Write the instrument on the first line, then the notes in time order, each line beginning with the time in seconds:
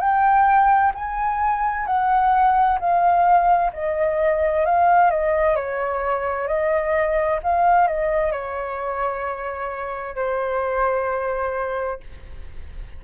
flute
0.00 G5
0.95 G#5
1.86 F#5
2.79 F5
3.73 D#5
4.65 F5
5.11 D#5
5.56 C#5
6.47 D#5
7.43 F5
7.88 D#5
8.32 C#5
10.16 C5